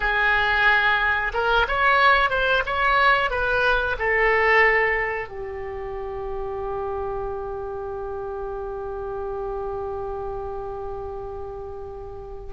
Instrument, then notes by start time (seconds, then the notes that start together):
oboe
0.00 G#4
1.33 A#4
1.68 C#5
2.30 C5
2.66 C#5
3.30 B4
3.98 A4
5.28 G4